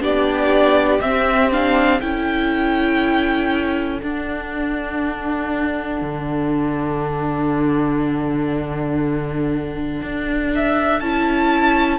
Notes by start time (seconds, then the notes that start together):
0.00 B3 D4 G4 D5
1.00 C4 E5
1.51 D4 F5
2.00 C#4 E4 A4 G5
4.00 D4 F#5
6.01 D3
10.02 D4
10.55 E5
11.00 C#4 E4 A5